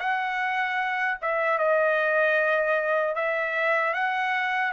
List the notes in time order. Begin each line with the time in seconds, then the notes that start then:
0.00 F#5
1.22 E5
1.59 D#5
3.16 E5
3.94 F#5